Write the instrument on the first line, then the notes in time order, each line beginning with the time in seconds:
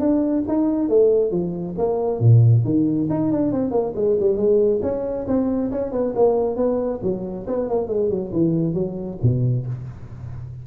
tuba
0.00 D4
0.48 D#4
0.89 A3
1.31 F3
1.78 A#3
2.20 A#2
2.65 D#3
3.10 D#4
3.32 D4
3.52 C4
3.71 A#3
3.95 G#3
4.20 G3
4.37 G#3
4.82 C#4
5.27 C4
5.72 C#4
5.92 B3
6.16 A#3
6.56 B3
7.03 F#3
7.47 B3
7.69 A#3
7.88 G#3
8.10 F#3
8.33 E3
8.74 F#3
9.23 B2